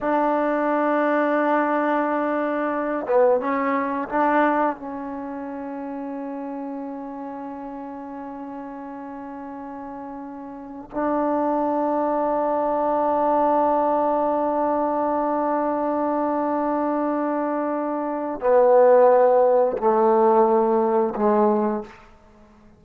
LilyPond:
\new Staff \with { instrumentName = "trombone" } { \time 4/4 \tempo 4 = 88 d'1~ | d'8 b8 cis'4 d'4 cis'4~ | cis'1~ | cis'1 |
d'1~ | d'1~ | d'2. b4~ | b4 a2 gis4 | }